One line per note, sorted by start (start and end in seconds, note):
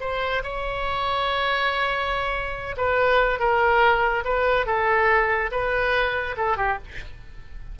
0.00 0.42 C5
0.43 2.75 C#5
2.77 3.39 B4
3.39 4.24 A#4
4.24 4.66 B4
4.66 5.50 A4
5.51 6.36 B4
6.37 6.57 A4
6.57 6.78 G4